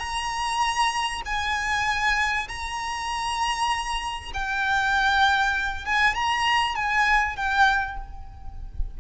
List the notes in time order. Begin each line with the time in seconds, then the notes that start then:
0.00 A#5
1.26 G#5
2.49 A#5
4.34 G5
5.86 G#5
6.15 A#5
6.76 G#5
7.36 G5